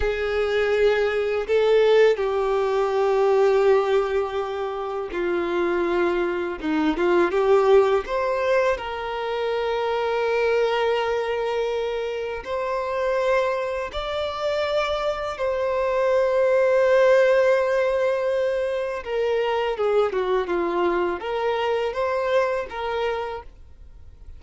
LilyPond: \new Staff \with { instrumentName = "violin" } { \time 4/4 \tempo 4 = 82 gis'2 a'4 g'4~ | g'2. f'4~ | f'4 dis'8 f'8 g'4 c''4 | ais'1~ |
ais'4 c''2 d''4~ | d''4 c''2.~ | c''2 ais'4 gis'8 fis'8 | f'4 ais'4 c''4 ais'4 | }